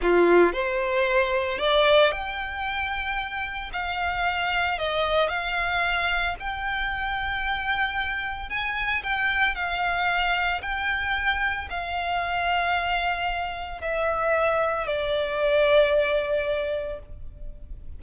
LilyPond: \new Staff \with { instrumentName = "violin" } { \time 4/4 \tempo 4 = 113 f'4 c''2 d''4 | g''2. f''4~ | f''4 dis''4 f''2 | g''1 |
gis''4 g''4 f''2 | g''2 f''2~ | f''2 e''2 | d''1 | }